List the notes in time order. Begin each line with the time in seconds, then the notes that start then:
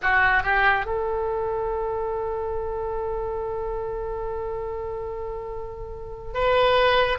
0.02 F#4
0.43 G4
0.85 A4
6.34 B4